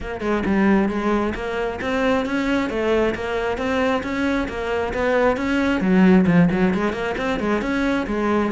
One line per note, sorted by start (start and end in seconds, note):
0.00 0.20 A#3
0.20 0.43 G#3
0.45 0.89 G3
0.89 1.33 G#3
1.34 1.79 A#3
1.81 2.25 C4
2.25 2.69 C#4
2.69 3.14 A3
3.14 3.57 A#3
3.57 4.02 C4
4.03 4.47 C#4
4.48 4.93 A#3
4.93 5.36 B3
5.36 5.80 C#4
5.80 6.25 F#3
6.26 6.48 F3
6.51 6.74 F#3
6.74 6.92 G#3
6.92 7.15 A#3
7.17 7.39 C4
7.39 7.61 G#3
7.61 8.06 C#4
8.06 8.51 G#3